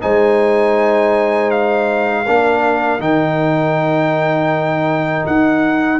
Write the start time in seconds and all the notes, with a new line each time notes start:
0.00 G#3 D#4 C5 G#5
1.51 F5
2.25 A#3 D4 A#4
2.99 D#3 D#4 G5
5.26 D#4 F#5